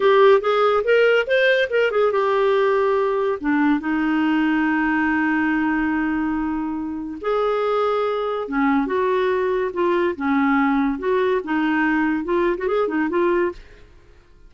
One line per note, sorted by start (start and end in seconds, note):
0.00 0.41 G4
0.41 0.83 G#4
0.84 1.26 A#4
1.26 1.69 C5
1.70 1.91 A#4
1.91 2.12 G#4
2.12 3.38 G4
3.40 3.79 D4
3.79 7.17 D#4
7.21 8.47 G#4
8.48 8.86 C#4
8.86 9.71 F#4
9.73 10.15 F4
10.15 10.99 C#4
10.99 11.41 F#4
11.44 12.24 D#4
12.24 12.56 F4
12.57 12.67 F#4
12.67 12.88 G#4
12.88 13.09 D#4
13.09 13.51 F4